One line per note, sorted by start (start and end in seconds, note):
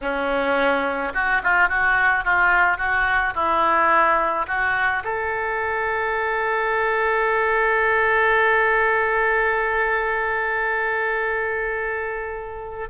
0.01 1.13 C#4
1.14 1.42 F#4
1.43 1.68 F4
1.68 2.24 F#4
2.24 2.77 F4
2.77 3.33 F#4
3.34 4.46 E4
4.47 5.03 F#4
5.04 12.89 A4